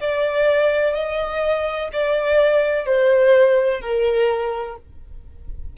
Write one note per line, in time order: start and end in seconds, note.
0.00 0.94 D5
0.94 1.89 D#5
1.92 2.85 D5
2.85 3.81 C5
3.81 4.76 A#4